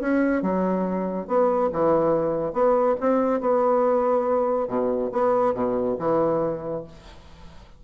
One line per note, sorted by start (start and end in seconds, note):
0.00 0.42 C#4
0.42 1.27 F#3
1.27 1.70 B3
1.73 2.53 E3
2.53 2.95 B3
3.00 3.41 C4
3.41 4.68 B3
4.68 5.10 B2
5.12 5.54 B3
5.54 5.97 B2
5.99 6.84 E3